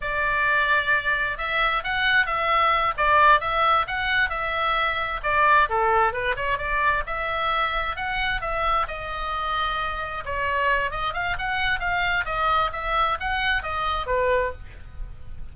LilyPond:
\new Staff \with { instrumentName = "oboe" } { \time 4/4 \tempo 4 = 132 d''2. e''4 | fis''4 e''4. d''4 e''8~ | e''8 fis''4 e''2 d''8~ | d''8 a'4 b'8 cis''8 d''4 e''8~ |
e''4. fis''4 e''4 dis''8~ | dis''2~ dis''8 cis''4. | dis''8 f''8 fis''4 f''4 dis''4 | e''4 fis''4 dis''4 b'4 | }